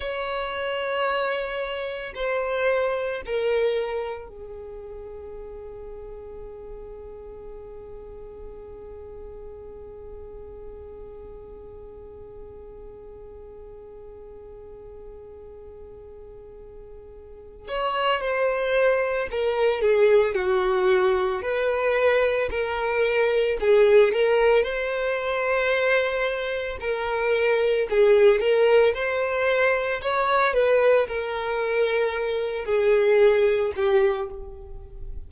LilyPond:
\new Staff \with { instrumentName = "violin" } { \time 4/4 \tempo 4 = 56 cis''2 c''4 ais'4 | gis'1~ | gis'1~ | gis'1~ |
gis'8 cis''8 c''4 ais'8 gis'8 fis'4 | b'4 ais'4 gis'8 ais'8 c''4~ | c''4 ais'4 gis'8 ais'8 c''4 | cis''8 b'8 ais'4. gis'4 g'8 | }